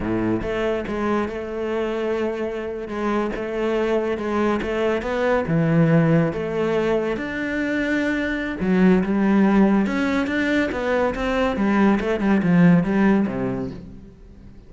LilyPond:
\new Staff \with { instrumentName = "cello" } { \time 4/4 \tempo 4 = 140 a,4 a4 gis4 a4~ | a2~ a8. gis4 a16~ | a4.~ a16 gis4 a4 b16~ | b8. e2 a4~ a16~ |
a8. d'2.~ d'16 | fis4 g2 cis'4 | d'4 b4 c'4 g4 | a8 g8 f4 g4 c4 | }